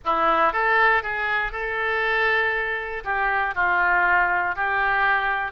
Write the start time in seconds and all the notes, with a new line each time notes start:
0.05 E4
0.52 A4
1.02 G#4
1.52 A4
3.04 G4
3.54 F4
4.55 G4